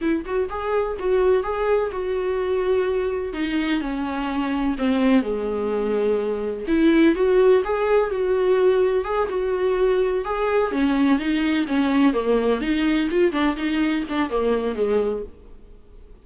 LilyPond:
\new Staff \with { instrumentName = "viola" } { \time 4/4 \tempo 4 = 126 e'8 fis'8 gis'4 fis'4 gis'4 | fis'2. dis'4 | cis'2 c'4 gis4~ | gis2 e'4 fis'4 |
gis'4 fis'2 gis'8 fis'8~ | fis'4. gis'4 cis'4 dis'8~ | dis'8 cis'4 ais4 dis'4 f'8 | d'8 dis'4 d'8 ais4 gis4 | }